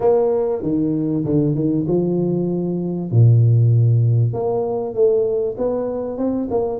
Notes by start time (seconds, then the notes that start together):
0.00 A#3
0.62 D#3
1.24 D3
1.55 D#3
1.87 F3
3.11 A#2
4.33 A#3
4.94 A3
5.57 B3
6.17 C4
6.50 A#3